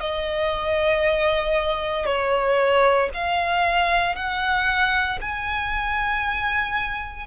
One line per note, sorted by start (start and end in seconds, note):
0.00 2.05 D#5
2.05 3.09 C#5
3.14 4.15 F5
4.15 5.19 F#5
5.21 7.26 G#5